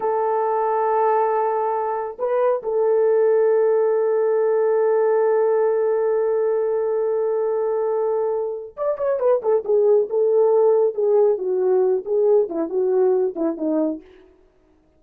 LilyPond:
\new Staff \with { instrumentName = "horn" } { \time 4/4 \tempo 4 = 137 a'1~ | a'4 b'4 a'2~ | a'1~ | a'1~ |
a'1 | d''8 cis''8 b'8 a'8 gis'4 a'4~ | a'4 gis'4 fis'4. gis'8~ | gis'8 e'8 fis'4. e'8 dis'4 | }